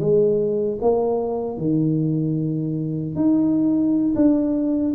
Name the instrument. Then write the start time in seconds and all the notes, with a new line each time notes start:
tuba
0.00 G#3
0.81 A#3
1.58 D#3
3.15 D#4
4.15 D4